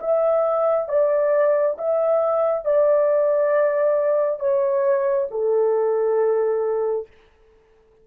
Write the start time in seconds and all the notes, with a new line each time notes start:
0.00 E5
0.88 D5
1.78 E5
2.65 D5
4.40 C#5
5.31 A4